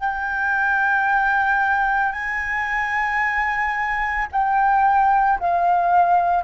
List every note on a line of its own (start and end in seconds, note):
0.00 2.13 G5
2.13 4.27 G#5
4.32 5.40 G5
5.40 6.44 F5